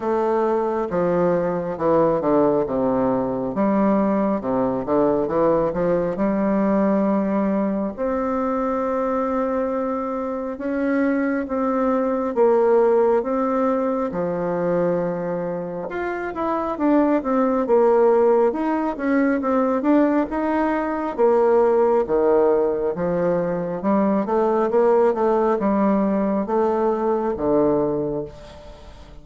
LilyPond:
\new Staff \with { instrumentName = "bassoon" } { \time 4/4 \tempo 4 = 68 a4 f4 e8 d8 c4 | g4 c8 d8 e8 f8 g4~ | g4 c'2. | cis'4 c'4 ais4 c'4 |
f2 f'8 e'8 d'8 c'8 | ais4 dis'8 cis'8 c'8 d'8 dis'4 | ais4 dis4 f4 g8 a8 | ais8 a8 g4 a4 d4 | }